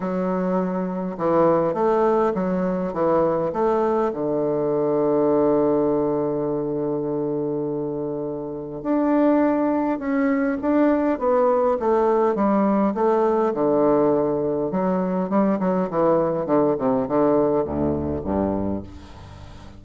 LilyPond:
\new Staff \with { instrumentName = "bassoon" } { \time 4/4 \tempo 4 = 102 fis2 e4 a4 | fis4 e4 a4 d4~ | d1~ | d2. d'4~ |
d'4 cis'4 d'4 b4 | a4 g4 a4 d4~ | d4 fis4 g8 fis8 e4 | d8 c8 d4 d,4 g,4 | }